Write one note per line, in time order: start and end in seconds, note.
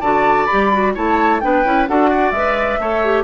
0.00 0.47 D3
0.00 0.48 F#4
0.00 0.92 D5
0.00 0.45 A5
0.45 0.72 G4
0.45 0.92 B5
0.52 0.96 G3
0.72 0.95 F#4
0.94 1.42 A3
0.94 1.41 E4
0.94 1.40 C#5
0.94 1.40 A5
1.40 1.65 B3
1.40 1.64 D4
1.40 1.89 B4
1.40 1.86 G5
1.64 1.88 C#4
1.64 1.87 E4
1.87 2.31 D4
1.87 2.34 F#4
1.87 2.10 A4
1.87 2.31 F#5
2.10 2.79 D5
2.31 2.77 G#3
2.31 2.81 B4
2.31 3.23 E5
2.78 3.24 A3
2.78 3.04 A4
2.78 3.24 C#5
3.04 3.24 G4